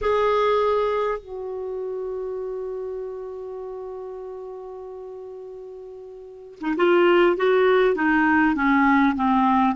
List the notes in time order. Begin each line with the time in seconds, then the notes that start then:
0.01 G#4
1.18 F#4
6.61 D#4
6.76 F4
7.36 F#4
7.95 D#4
8.55 C#4
9.15 C4